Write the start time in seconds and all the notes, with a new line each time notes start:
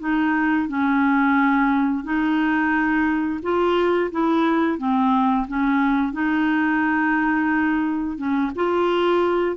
0.00 D#4
0.68 C#4
2.04 D#4
3.43 F4
4.12 E4
4.79 C4
5.48 C#4
6.13 D#4
8.18 C#4
8.55 F4